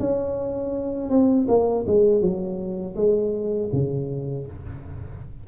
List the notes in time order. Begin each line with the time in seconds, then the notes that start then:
0.00 C#4
1.10 C4
1.48 A#3
1.87 G#3
2.22 F#3
2.96 G#3
3.73 C#3